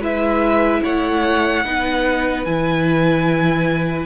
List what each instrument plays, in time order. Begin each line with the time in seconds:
0.00 cello G#3, viola E4, violin B4 E5
0.84 cello A3, violin C#5 F#5
1.65 cello B3, viola D#4, violin B4
2.45 cello E3, viola E4, violin G#5